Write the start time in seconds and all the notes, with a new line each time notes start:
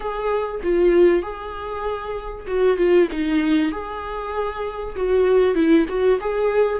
0.00 G#4
0.63 F4
1.22 G#4
2.47 F#4
2.77 F4
3.11 D#4
3.71 G#4
4.95 F#4
5.54 E4
5.88 F#4
6.20 G#4